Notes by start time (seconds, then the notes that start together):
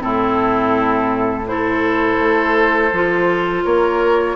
0.00 A2 C4 E4 A4
1.47 E4 A4 C5
2.19 A3
2.92 F3 F4
3.65 A#3 A#4 C#5